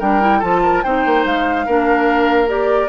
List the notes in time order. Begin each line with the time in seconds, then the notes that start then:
0.00 G3 D4 A#4 G5
0.21 E4
0.39 F3 F4 A4 A5
0.63 A#4
0.84 C4 D#4 C5 G5
1.06 A#3
1.26 G#3 F5
1.66 A#3 D4 A#4
2.48 G4 D5